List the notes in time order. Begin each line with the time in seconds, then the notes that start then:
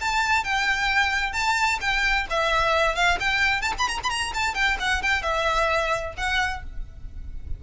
0.00 A5
0.44 G5
1.33 A5
1.80 G5
2.30 E5
2.95 F5
3.20 G5
3.61 A5
3.78 B5
3.88 A#5
4.03 B5
4.10 A#5
4.34 A5
4.54 G5
4.79 F#5
5.02 G5
5.22 E5
6.17 F#5